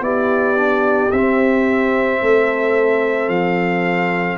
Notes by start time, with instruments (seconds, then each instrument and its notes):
0.00 tuba B3, trombone E4, horn G4, trumpet D5
0.56 trombone D4
1.11 tuba C4, trombone C4, trumpet E5
2.21 tuba A3, horn A4
3.28 tuba F3, trumpet F5